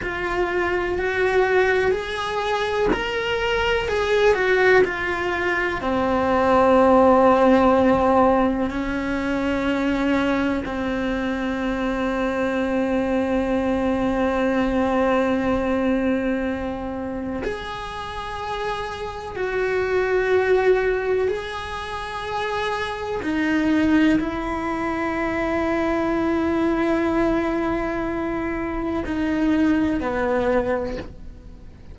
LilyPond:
\new Staff \with { instrumentName = "cello" } { \time 4/4 \tempo 4 = 62 f'4 fis'4 gis'4 ais'4 | gis'8 fis'8 f'4 c'2~ | c'4 cis'2 c'4~ | c'1~ |
c'2 gis'2 | fis'2 gis'2 | dis'4 e'2.~ | e'2 dis'4 b4 | }